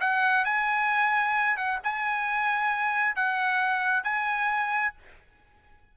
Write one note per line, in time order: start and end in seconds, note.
0.00 0.44 F#5
0.44 1.56 G#5
1.56 1.79 F#5
1.83 3.15 G#5
3.15 4.03 F#5
4.03 4.93 G#5